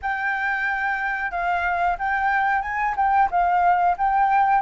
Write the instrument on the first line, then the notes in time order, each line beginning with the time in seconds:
flute
0.02 G5
1.31 F5
1.98 G5
2.61 G#5
2.96 G5
3.30 F5
3.97 G5